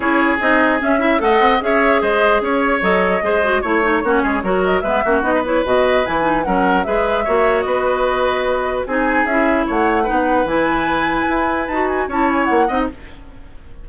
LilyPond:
<<
  \new Staff \with { instrumentName = "flute" } { \time 4/4 \tempo 4 = 149 cis''4 dis''4 e''4 fis''4 | e''4 dis''4 cis''4 dis''4~ | dis''4 cis''2~ cis''8 dis''8 | e''4 dis''8 cis''8 dis''4 gis''4 |
fis''4 e''2 dis''4~ | dis''2 gis''4 e''4 | fis''2 gis''2~ | gis''4 a''8 gis''8 a''8 gis''8 fis''4 | }
  \new Staff \with { instrumentName = "oboe" } { \time 4/4 gis'2~ gis'8 e''8 dis''4 | cis''4 c''4 cis''2 | c''4 cis''4 fis'8 gis'8 ais'4 | b'8 fis'8. b'2~ b'8. |
ais'4 b'4 cis''4 b'4~ | b'2 gis'2 | cis''4 b'2.~ | b'2 cis''4. dis''8 | }
  \new Staff \with { instrumentName = "clarinet" } { \time 4/4 e'4 dis'4 cis'8 e'8 a'4 | gis'2. a'4 | gis'8 fis'8 e'8 dis'8 cis'4 fis'4 | b8 cis'8 dis'8 e'8 fis'4 e'8 dis'8 |
cis'4 gis'4 fis'2~ | fis'2 dis'4 e'4~ | e'4 dis'4 e'2~ | e'4 fis'4 e'4. dis'8 | }
  \new Staff \with { instrumentName = "bassoon" } { \time 4/4 cis'4 c'4 cis'4 a8 c'8 | cis'4 gis4 cis'4 fis4 | gis4 a4 ais8 gis8 fis4 | gis8 ais8 b4 b,4 e4 |
fis4 gis4 ais4 b4~ | b2 c'4 cis'4 | a4 b4 e2 | e'4 dis'4 cis'4 ais8 c'8 | }
>>